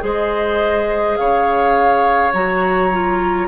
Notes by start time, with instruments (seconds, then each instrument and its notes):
0.00 bassoon G#3, clarinet G#4, oboe C5, flute D#5
1.16 bassoon C#3, oboe C#5, flute F5
2.33 bassoon F#3, clarinet F#4, flute A#5
2.92 clarinet F4